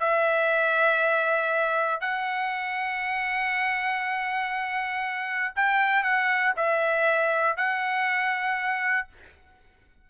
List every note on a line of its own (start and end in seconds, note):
0.00 2.01 E5
2.01 5.54 F#5
5.56 6.04 G5
6.04 6.54 F#5
6.57 7.57 E5
7.57 9.08 F#5